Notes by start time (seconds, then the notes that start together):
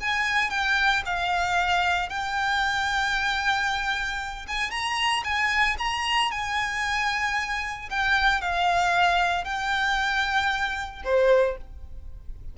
0.00 G#5
0.50 G5
1.05 F5
2.09 G5
4.47 G#5
4.71 A#5
5.24 G#5
5.78 A#5
6.31 G#5
7.90 G5
8.41 F5
9.44 G5
11.04 C5